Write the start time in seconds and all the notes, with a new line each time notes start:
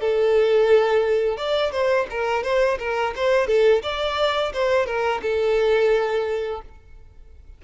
0.00 A4
1.37 D5
1.72 C5
2.10 A#4
2.43 C5
2.79 A#4
3.16 C5
3.47 A4
3.83 D5
4.53 C5
4.86 A#4
5.22 A4